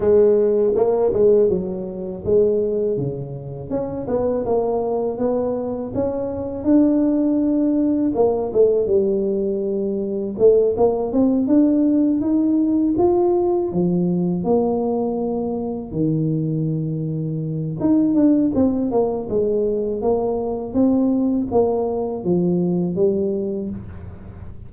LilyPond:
\new Staff \with { instrumentName = "tuba" } { \time 4/4 \tempo 4 = 81 gis4 ais8 gis8 fis4 gis4 | cis4 cis'8 b8 ais4 b4 | cis'4 d'2 ais8 a8 | g2 a8 ais8 c'8 d'8~ |
d'8 dis'4 f'4 f4 ais8~ | ais4. dis2~ dis8 | dis'8 d'8 c'8 ais8 gis4 ais4 | c'4 ais4 f4 g4 | }